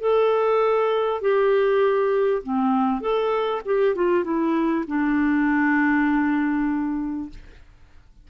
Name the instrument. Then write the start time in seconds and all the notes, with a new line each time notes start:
clarinet
0.00 A4
1.21 G4
2.43 C4
3.01 A4
3.65 G4
3.95 F4
4.24 E4
4.87 D4